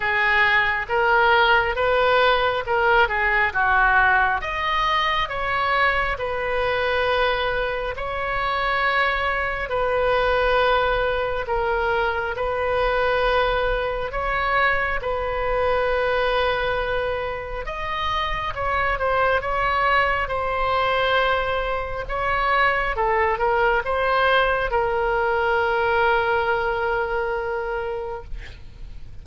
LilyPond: \new Staff \with { instrumentName = "oboe" } { \time 4/4 \tempo 4 = 68 gis'4 ais'4 b'4 ais'8 gis'8 | fis'4 dis''4 cis''4 b'4~ | b'4 cis''2 b'4~ | b'4 ais'4 b'2 |
cis''4 b'2. | dis''4 cis''8 c''8 cis''4 c''4~ | c''4 cis''4 a'8 ais'8 c''4 | ais'1 | }